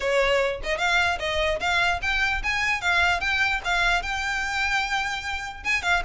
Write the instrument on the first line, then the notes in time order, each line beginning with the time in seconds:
violin
0.00 C#5
0.63 D#5
0.78 F5
1.19 D#5
1.60 F5
2.02 G5
2.43 G#5
2.81 F5
3.20 G5
3.64 F5
4.02 G5
5.63 G#5
5.82 F5